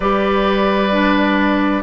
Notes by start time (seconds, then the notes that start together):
0.00 G3 G4 B4 D5
0.91 D4